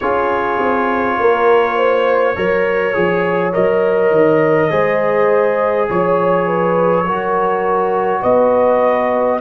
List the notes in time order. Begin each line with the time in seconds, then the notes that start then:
0.00 C#4 F4 G#4 C#5
0.59 C4
1.18 A#3 A#4
1.76 C5
2.35 F#3 A#4 C#5
2.94 F3 G#4
3.52 F#3 A#4 D#5
4.10 D#3
4.70 G#3 G#4 C5
5.89 F3 C#5
6.46 B4
7.05 F#3 F#4 A#4
8.21 B3 B4 D#5